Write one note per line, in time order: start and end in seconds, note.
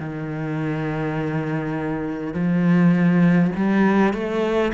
0.00 2.34 D#3
2.34 3.52 F3
3.56 4.14 G3
4.14 4.73 A3